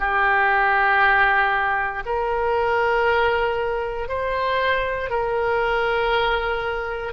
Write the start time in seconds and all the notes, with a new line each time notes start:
0.00 G4
2.06 A#4
4.09 C5
5.10 A#4